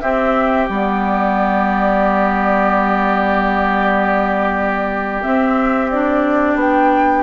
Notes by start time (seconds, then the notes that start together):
0.00 C4 G4 E5
0.69 G3 B3 D5
5.22 C4 E5
5.90 D4 D5
6.55 B3 G5